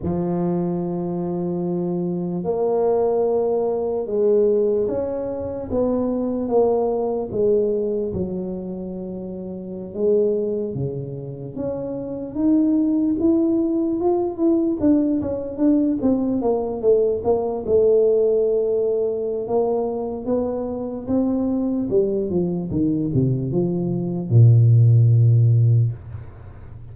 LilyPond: \new Staff \with { instrumentName = "tuba" } { \time 4/4 \tempo 4 = 74 f2. ais4~ | ais4 gis4 cis'4 b4 | ais4 gis4 fis2~ | fis16 gis4 cis4 cis'4 dis'8.~ |
dis'16 e'4 f'8 e'8 d'8 cis'8 d'8 c'16~ | c'16 ais8 a8 ais8 a2~ a16 | ais4 b4 c'4 g8 f8 | dis8 c8 f4 ais,2 | }